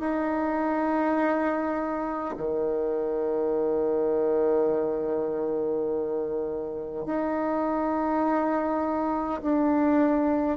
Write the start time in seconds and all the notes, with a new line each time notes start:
0.00 D#4
2.37 D#3
7.06 D#4
9.42 D4